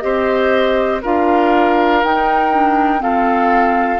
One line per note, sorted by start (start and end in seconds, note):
0.00 1.03 C4
0.00 1.01 G4
0.00 1.02 C5
0.00 1.00 D#5
1.02 2.03 D4
1.02 2.03 F4
1.02 3.02 A#4
1.02 2.04 F5
2.03 2.52 D#4
2.03 3.02 D#4
2.03 3.02 G5
2.52 2.98 D4
2.98 3.98 C4
2.98 3.99 F4
2.98 3.99 A4
2.98 3.99 F5